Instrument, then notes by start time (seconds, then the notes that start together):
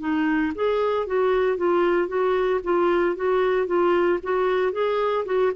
clarinet
0.00 D#4
0.55 G#4
1.07 F#4
1.57 F4
2.08 F#4
2.64 F4
3.16 F#4
3.67 F4
4.23 F#4
4.73 G#4
5.26 F#4